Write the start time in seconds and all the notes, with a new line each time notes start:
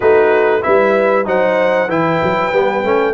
0.00 A3 D#4 F#4 B4
0.62 G3 E4 B4 E5
1.25 F#3 D#4 C5 F#5
1.87 E3 E4 B4 G5
2.23 F#3
2.52 G3 B3
2.84 A3 C#4